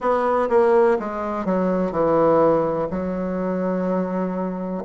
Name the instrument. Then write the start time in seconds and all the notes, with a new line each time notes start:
bassoon
0.00 B3
0.49 A#3
0.99 G#3
1.45 F#3
1.91 E3
2.90 F#3